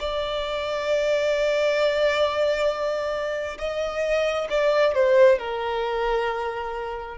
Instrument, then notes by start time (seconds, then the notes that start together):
violin
0.00 D5
3.59 D#5
4.50 D5
4.95 C5
5.39 A#4